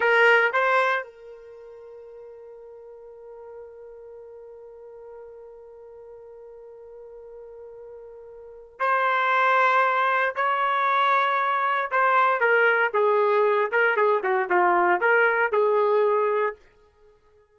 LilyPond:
\new Staff \with { instrumentName = "trumpet" } { \time 4/4 \tempo 4 = 116 ais'4 c''4 ais'2~ | ais'1~ | ais'1~ | ais'1~ |
ais'4 c''2. | cis''2. c''4 | ais'4 gis'4. ais'8 gis'8 fis'8 | f'4 ais'4 gis'2 | }